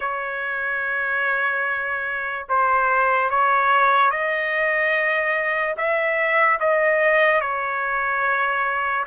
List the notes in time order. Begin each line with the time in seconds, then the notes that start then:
0.00 C#5
2.48 C5
3.30 C#5
4.11 D#5
5.77 E5
6.59 D#5
7.40 C#5